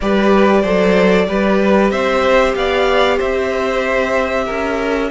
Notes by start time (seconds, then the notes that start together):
0.01 G3 G4 B4 D5
0.61 F#3 A4 C5
1.27 G3 G4 B4
1.90 C4 C5 E5
2.55 B3 D5 F5
3.17 C4 C5 E5
4.45 C#4 A#4